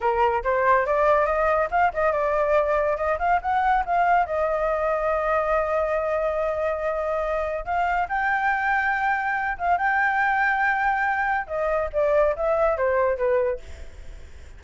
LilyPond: \new Staff \with { instrumentName = "flute" } { \time 4/4 \tempo 4 = 141 ais'4 c''4 d''4 dis''4 | f''8 dis''8 d''2 dis''8 f''8 | fis''4 f''4 dis''2~ | dis''1~ |
dis''2 f''4 g''4~ | g''2~ g''8 f''8 g''4~ | g''2. dis''4 | d''4 e''4 c''4 b'4 | }